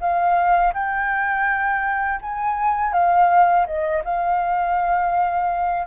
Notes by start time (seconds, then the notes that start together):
0.00 F5
0.74 G5
2.22 G#5
2.93 F5
3.66 D#5
4.04 F5